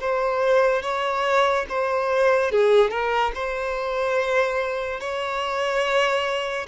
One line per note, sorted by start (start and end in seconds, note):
0.00 0.82 C5
0.82 1.66 C#5
1.69 2.51 C5
2.51 2.90 G#4
2.90 3.32 A#4
3.34 5.00 C5
5.00 6.67 C#5